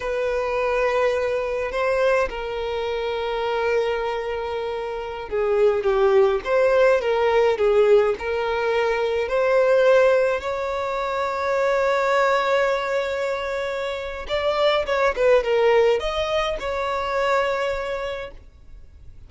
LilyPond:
\new Staff \with { instrumentName = "violin" } { \time 4/4 \tempo 4 = 105 b'2. c''4 | ais'1~ | ais'4~ ais'16 gis'4 g'4 c''8.~ | c''16 ais'4 gis'4 ais'4.~ ais'16~ |
ais'16 c''2 cis''4.~ cis''16~ | cis''1~ | cis''4 d''4 cis''8 b'8 ais'4 | dis''4 cis''2. | }